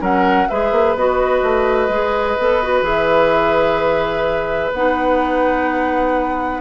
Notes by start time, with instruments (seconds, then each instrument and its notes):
0.00 bassoon F#3, clarinet C#4, oboe A#4, flute F#5
0.48 bassoon G#3, clarinet G#4, oboe B4, flute E5
0.71 bassoon A#3
0.94 bassoon B3, clarinet F#4, flute D#5
1.42 bassoon A3
1.88 bassoon G#3, clarinet G#4
2.38 bassoon B3, clarinet A4
2.63 clarinet F#4
2.81 bassoon E3, clarinet G#4, flute E5
4.72 bassoon B3, clarinet D#4, flute F#5